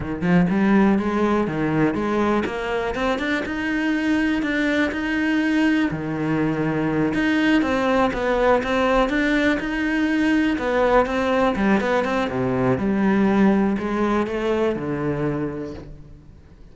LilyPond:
\new Staff \with { instrumentName = "cello" } { \time 4/4 \tempo 4 = 122 dis8 f8 g4 gis4 dis4 | gis4 ais4 c'8 d'8 dis'4~ | dis'4 d'4 dis'2 | dis2~ dis8 dis'4 c'8~ |
c'8 b4 c'4 d'4 dis'8~ | dis'4. b4 c'4 g8 | b8 c'8 c4 g2 | gis4 a4 d2 | }